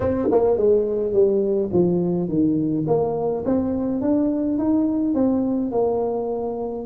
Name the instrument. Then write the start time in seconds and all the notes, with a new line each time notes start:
tuba
0.00 C4
0.31 A#3
0.57 G#3
1.12 G3
1.72 F3
2.29 D#3
2.87 A#3
3.45 C4
4.01 D4
4.58 D#4
5.14 C4
5.71 A#3